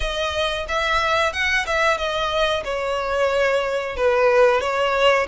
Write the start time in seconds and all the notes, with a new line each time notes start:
0.00 D#5
0.68 E5
1.32 F#5
1.66 E5
1.98 D#5
2.64 C#5
3.96 B4
4.60 C#5